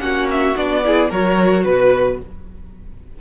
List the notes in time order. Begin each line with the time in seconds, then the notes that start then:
0.00 A#3 C#4 F#4 F#5
0.31 E5
0.57 B3 D4 D5
0.85 E4 G#4
1.10 F#3 F#4 A#4 C#5
1.64 B2 B4